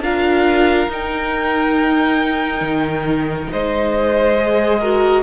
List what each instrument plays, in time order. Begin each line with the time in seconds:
0.00 cello D4, viola F4, violin A#4 F5
0.87 cello D#4, viola D#4, violin G5
2.60 cello D#3
3.51 cello G#3, violin C5 D#5
4.37 viola G#4
4.79 viola F#4, violin A#4